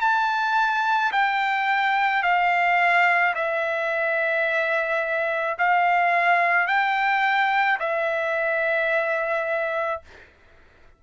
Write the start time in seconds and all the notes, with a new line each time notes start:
0.00 A5
1.12 G5
2.22 F5
3.34 E5
5.58 F5
6.67 G5
7.79 E5